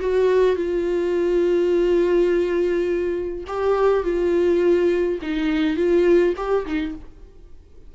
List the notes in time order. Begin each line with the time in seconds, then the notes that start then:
0.00 F#4
0.56 F4
3.47 G4
4.04 F4
5.22 D#4
5.76 F4
6.37 G4
6.66 D#4